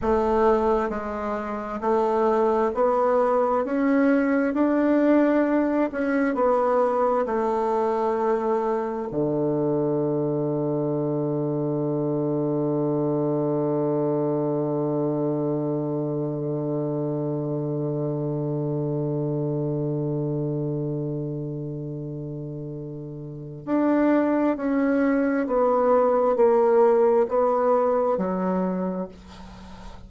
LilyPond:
\new Staff \with { instrumentName = "bassoon" } { \time 4/4 \tempo 4 = 66 a4 gis4 a4 b4 | cis'4 d'4. cis'8 b4 | a2 d2~ | d1~ |
d1~ | d1~ | d2 d'4 cis'4 | b4 ais4 b4 fis4 | }